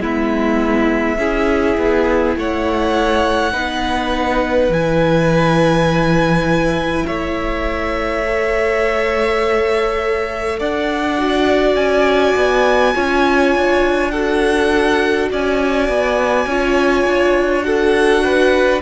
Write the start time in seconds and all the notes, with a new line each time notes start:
0.00 G#3 B3 E4 E5
1.18 C#4 E4 G#4
1.77 B3
2.36 A3 C#5 F#5
3.53 B3 D#4 B4
4.69 E3 E4 G#5
7.07 A3 C#5 E5
8.25 A4
10.59 D4 D5 F#5
11.18 F#4
11.75 C#4 G#5
12.36 B3
12.94 C#4 F4 C#5
13.55 D4
14.11 F#4 A4 F#5
15.31 C#4 D5 G#5
15.89 B3
16.46 C#4 F4 C#5
17.06 D4
17.63 F#4 A4 F#5
18.24 B4